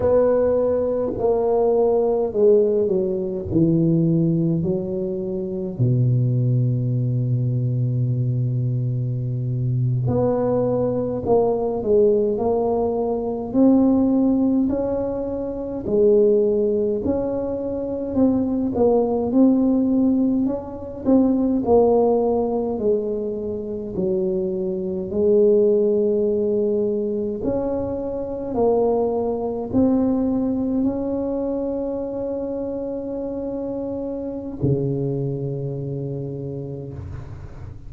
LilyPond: \new Staff \with { instrumentName = "tuba" } { \time 4/4 \tempo 4 = 52 b4 ais4 gis8 fis8 e4 | fis4 b,2.~ | b,8. b4 ais8 gis8 ais4 c'16~ | c'8. cis'4 gis4 cis'4 c'16~ |
c'16 ais8 c'4 cis'8 c'8 ais4 gis16~ | gis8. fis4 gis2 cis'16~ | cis'8. ais4 c'4 cis'4~ cis'16~ | cis'2 cis2 | }